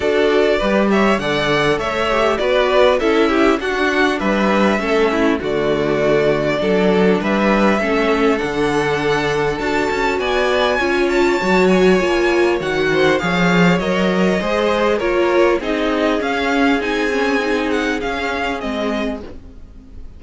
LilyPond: <<
  \new Staff \with { instrumentName = "violin" } { \time 4/4 \tempo 4 = 100 d''4. e''8 fis''4 e''4 | d''4 e''4 fis''4 e''4~ | e''4 d''2. | e''2 fis''2 |
a''4 gis''4. a''4 gis''8~ | gis''4 fis''4 f''4 dis''4~ | dis''4 cis''4 dis''4 f''4 | gis''4. fis''8 f''4 dis''4 | }
  \new Staff \with { instrumentName = "violin" } { \time 4/4 a'4 b'8 cis''8 d''4 cis''4 | b'4 a'8 g'8 fis'4 b'4 | a'8 e'8 fis'2 a'4 | b'4 a'2.~ |
a'4 d''4 cis''2~ | cis''4. c''8 cis''2 | c''4 ais'4 gis'2~ | gis'1 | }
  \new Staff \with { instrumentName = "viola" } { \time 4/4 fis'4 g'4 a'4. g'8 | fis'4 e'4 d'2 | cis'4 a2 d'4~ | d'4 cis'4 d'2 |
fis'2 f'4 fis'4 | f'4 fis'4 gis'4 ais'4 | gis'4 f'4 dis'4 cis'4 | dis'8 cis'8 dis'4 cis'4 c'4 | }
  \new Staff \with { instrumentName = "cello" } { \time 4/4 d'4 g4 d4 a4 | b4 cis'4 d'4 g4 | a4 d2 fis4 | g4 a4 d2 |
d'8 cis'8 b4 cis'4 fis4 | ais4 dis4 f4 fis4 | gis4 ais4 c'4 cis'4 | c'2 cis'4 gis4 | }
>>